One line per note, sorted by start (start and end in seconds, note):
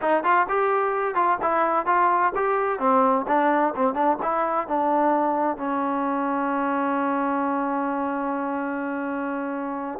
0.01 0.23 D#4
0.23 0.47 F4
0.49 1.14 G4
1.14 1.38 F4
1.42 1.86 E4
1.86 2.32 F4
2.35 2.79 G4
2.79 3.25 C4
3.27 3.74 D4
3.75 3.94 C4
3.94 4.17 D4
4.22 4.67 E4
4.67 5.57 D4
5.57 9.99 C#4